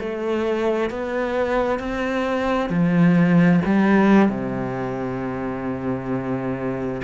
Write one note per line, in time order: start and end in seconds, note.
0.00 0.90 A3
0.90 1.79 B3
1.79 2.70 C4
2.70 3.61 F3
3.65 4.29 G3
4.29 7.02 C3